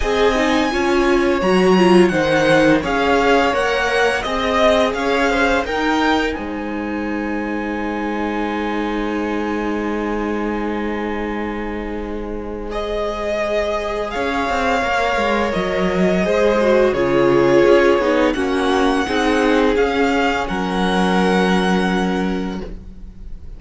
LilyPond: <<
  \new Staff \with { instrumentName = "violin" } { \time 4/4 \tempo 4 = 85 gis''2 ais''4 fis''4 | f''4 fis''4 dis''4 f''4 | g''4 gis''2.~ | gis''1~ |
gis''2 dis''2 | f''2 dis''2 | cis''2 fis''2 | f''4 fis''2. | }
  \new Staff \with { instrumentName = "violin" } { \time 4/4 dis''4 cis''2 c''4 | cis''2 dis''4 cis''8 c''8 | ais'4 c''2.~ | c''1~ |
c''1 | cis''2. c''4 | gis'2 fis'4 gis'4~ | gis'4 ais'2. | }
  \new Staff \with { instrumentName = "viola" } { \time 4/4 gis'8 dis'8 f'4 fis'8 f'8 dis'4 | gis'4 ais'4 gis'2 | dis'1~ | dis'1~ |
dis'2 gis'2~ | gis'4 ais'2 gis'8 fis'8 | f'4. dis'8 cis'4 dis'4 | cis'1 | }
  \new Staff \with { instrumentName = "cello" } { \time 4/4 c'4 cis'4 fis4 dis4 | cis'4 ais4 c'4 cis'4 | dis'4 gis2.~ | gis1~ |
gis1 | cis'8 c'8 ais8 gis8 fis4 gis4 | cis4 cis'8 b8 ais4 c'4 | cis'4 fis2. | }
>>